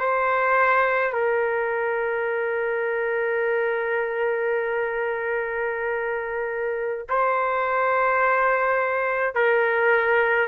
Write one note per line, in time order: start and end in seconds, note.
0.00 1.13 C5
1.13 7.08 A#4
7.09 9.35 C5
9.35 10.48 A#4